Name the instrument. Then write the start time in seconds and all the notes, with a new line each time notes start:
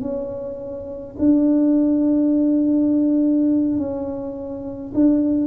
tuba
0.00 C#4
1.19 D4
3.77 C#4
4.94 D4